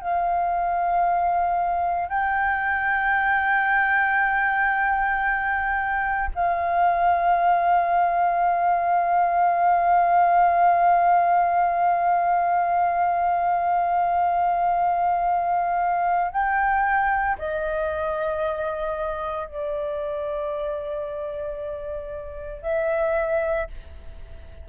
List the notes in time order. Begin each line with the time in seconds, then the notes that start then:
0.00 F5
2.09 G5
6.35 F5
16.32 G5
17.38 D#5
19.46 D5
22.62 E5